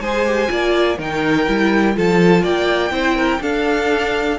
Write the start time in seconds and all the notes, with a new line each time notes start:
0.00 G#3 G#4 C5 G#5
0.26 G4
0.48 A#3 F4 D5
0.98 D#3 D#4 A#4 G5
1.47 G3 E4
1.95 F3 F4 A4 A5
2.43 A#3 D5 G5
2.91 C4 E4 C5
3.16 A#4
3.41 D4 A4 F5